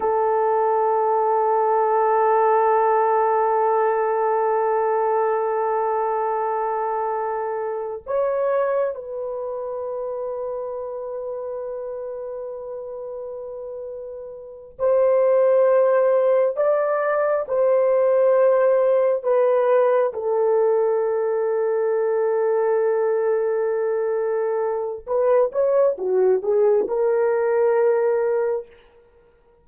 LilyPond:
\new Staff \with { instrumentName = "horn" } { \time 4/4 \tempo 4 = 67 a'1~ | a'1~ | a'4 cis''4 b'2~ | b'1~ |
b'8 c''2 d''4 c''8~ | c''4. b'4 a'4.~ | a'1 | b'8 cis''8 fis'8 gis'8 ais'2 | }